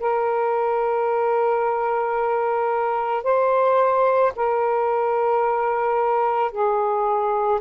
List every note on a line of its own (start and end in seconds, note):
0.00 3.23 A#4
3.23 4.32 C5
4.35 6.51 A#4
6.51 7.60 G#4